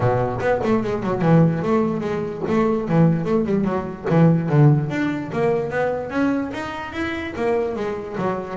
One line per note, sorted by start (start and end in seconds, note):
0.00 0.39 B2
0.40 0.60 B3
0.63 0.83 A3
0.83 1.03 G#3
1.03 1.21 F#3
1.21 1.62 E3
1.62 2.00 A3
2.00 2.41 G#3
2.48 2.88 A3
2.88 3.24 E3
3.24 3.45 A3
3.45 3.64 G3
3.64 4.05 F#3
4.09 4.49 E3
4.49 4.89 D3
4.89 5.30 D4
5.32 5.70 A#3
5.70 6.10 B3
6.10 6.50 C#4
6.53 6.92 D#4
6.92 7.33 E4
7.36 7.75 A#3
7.75 8.16 G#3
8.17 8.56 F#3